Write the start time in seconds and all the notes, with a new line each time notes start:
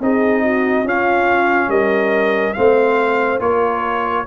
0.00 C4 D#4 G#4 D#5
0.43 F#4
0.84 C#4 F4 F5
1.68 G3 A#4 D#5
2.53 A3 C4 C5 F5
3.40 A#3 F4 A#4 C#5